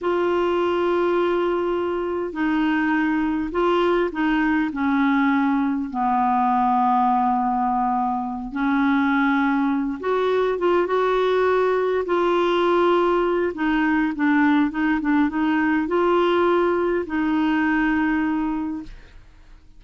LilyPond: \new Staff \with { instrumentName = "clarinet" } { \time 4/4 \tempo 4 = 102 f'1 | dis'2 f'4 dis'4 | cis'2 b2~ | b2~ b8 cis'4.~ |
cis'4 fis'4 f'8 fis'4.~ | fis'8 f'2~ f'8 dis'4 | d'4 dis'8 d'8 dis'4 f'4~ | f'4 dis'2. | }